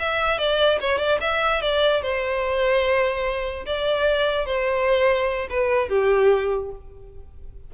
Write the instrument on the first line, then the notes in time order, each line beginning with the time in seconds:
violin
0.00 E5
0.39 D5
0.81 C#5
0.99 D5
1.21 E5
1.62 D5
2.03 C5
3.66 D5
4.46 C5
5.50 B4
5.89 G4